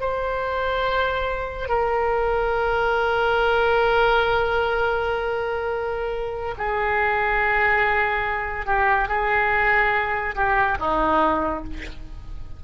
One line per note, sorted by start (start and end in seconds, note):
0.00 1.69 C5
1.69 6.55 A#4
6.58 8.66 G#4
8.66 9.08 G4
9.08 10.35 G#4
10.35 10.77 G4
10.79 11.64 D#4